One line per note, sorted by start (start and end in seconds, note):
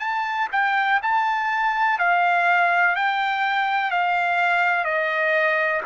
0.00 0.48 A5
0.52 1.01 G5
1.03 1.99 A5
1.99 2.96 F5
2.96 3.91 G5
3.91 4.85 F5
4.85 5.82 D#5